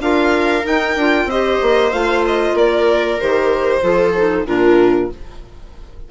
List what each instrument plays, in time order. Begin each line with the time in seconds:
0.00 bassoon D4, clarinet F4, viola A#4, violin F5
0.63 clarinet D#4, bassoon D#4, violin G5
0.96 bassoon D4, clarinet F4
1.26 bassoon C4, clarinet G4, viola C5, violin D#5
1.62 bassoon A#3
1.93 bassoon A3, clarinet F4, violin F5
2.27 violin D#5
2.54 bassoon A#3, viola A#4, violin D5
3.20 bassoon D#3, clarinet G4, violin C5
3.82 bassoon F3, clarinet F4, viola A4
4.17 clarinet D#4
4.46 bassoon A#2, clarinet D4, viola F4, violin A#4